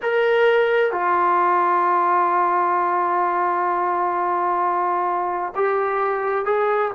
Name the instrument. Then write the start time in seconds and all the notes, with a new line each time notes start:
trombone
0.02 A#4
0.91 F4
5.55 G4
6.45 G#4